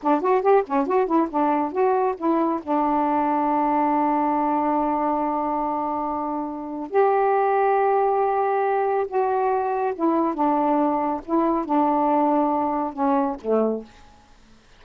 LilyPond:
\new Staff \with { instrumentName = "saxophone" } { \time 4/4 \tempo 4 = 139 d'8 fis'8 g'8 cis'8 fis'8 e'8 d'4 | fis'4 e'4 d'2~ | d'1~ | d'1 |
g'1~ | g'4 fis'2 e'4 | d'2 e'4 d'4~ | d'2 cis'4 a4 | }